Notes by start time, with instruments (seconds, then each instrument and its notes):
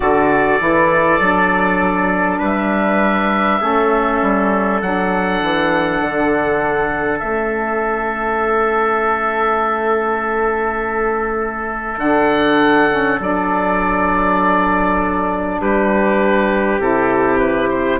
0.00 bassoon D3, saxophone F#4, trumpet A4, oboe D5
0.59 bassoon E3, saxophone E4
1.19 bassoon F#3, saxophone D4
2.38 bassoon G3, trumpet B4
2.44 oboe E5
3.60 bassoon A3, saxophone C#4, trumpet A4
4.22 bassoon G3
4.81 bassoon F#3, saxophone D4, oboe F#5
5.42 bassoon E3
6.01 bassoon D3
7.19 bassoon A3, saxophone C#4, oboe E5
11.97 bassoon D3, saxophone D4, oboe F#5
12.89 saxophone C#4
13.20 bassoon F#3, saxophone D4, oboe D5
15.61 bassoon G3, trumpet G4, oboe B4
16.79 bassoon C3, saxophone E4, oboe A4
17.38 oboe B4
17.69 oboe C5